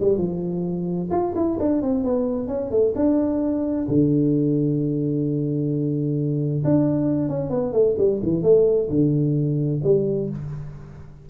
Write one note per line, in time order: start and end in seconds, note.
0.00 0.18 G3
0.18 1.09 F3
1.11 1.34 F4
1.35 1.58 E4
1.60 1.82 D4
1.82 2.04 C4
2.04 2.48 B3
2.48 2.71 C#4
2.71 2.94 A3
2.96 3.87 D4
3.88 6.63 D3
6.65 7.29 D4
7.29 7.50 C#4
7.50 7.73 B3
7.73 7.96 A3
7.98 8.21 G3
8.23 8.43 E3
8.43 8.89 A3
8.90 9.81 D3
9.84 10.30 G3